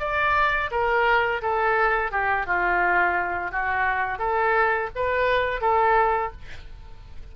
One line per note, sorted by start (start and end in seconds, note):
0.00 0.71 D5
0.72 1.42 A#4
1.42 2.12 A4
2.12 2.46 G4
2.46 3.52 F4
3.52 4.19 F#4
4.19 4.90 A4
4.96 5.61 B4
5.61 6.32 A4